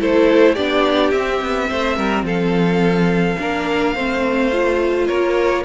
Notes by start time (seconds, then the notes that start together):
0.00 A3 E4 A4 C5
0.54 B3 D4 G4 D5
1.11 C4 E5
1.42 B3
1.70 A3 C5
1.97 G3 A#4
2.23 F3 A4 F5
3.39 A#3 D4 A#4
3.95 A3 C4 C5
4.52 F4
5.08 A#3 A#4 C#5